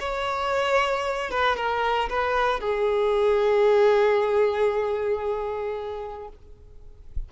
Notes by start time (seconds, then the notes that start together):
0.00 C#5
1.31 B4
1.57 A#4
2.09 B4
2.61 G#4